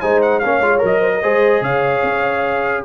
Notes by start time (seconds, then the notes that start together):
0.00 G#3 D#4 C5 G#5
0.21 F#5
0.39 A#3 C#4 C#5 F5
0.60 G#3 F4
0.78 F#3 A#4
0.85 D#5
1.00 C5
1.14 A#4
1.23 G#3 G#4 C5
1.61 C#3 C#5 F5
2.03 C#4